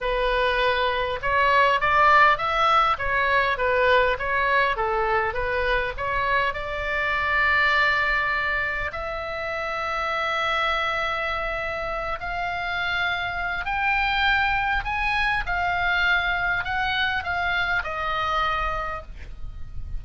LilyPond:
\new Staff \with { instrumentName = "oboe" } { \time 4/4 \tempo 4 = 101 b'2 cis''4 d''4 | e''4 cis''4 b'4 cis''4 | a'4 b'4 cis''4 d''4~ | d''2. e''4~ |
e''1~ | e''8 f''2~ f''8 g''4~ | g''4 gis''4 f''2 | fis''4 f''4 dis''2 | }